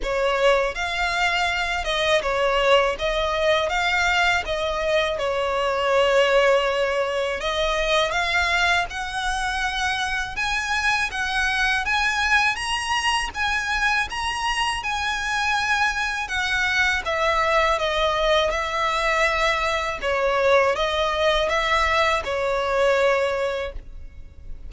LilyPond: \new Staff \with { instrumentName = "violin" } { \time 4/4 \tempo 4 = 81 cis''4 f''4. dis''8 cis''4 | dis''4 f''4 dis''4 cis''4~ | cis''2 dis''4 f''4 | fis''2 gis''4 fis''4 |
gis''4 ais''4 gis''4 ais''4 | gis''2 fis''4 e''4 | dis''4 e''2 cis''4 | dis''4 e''4 cis''2 | }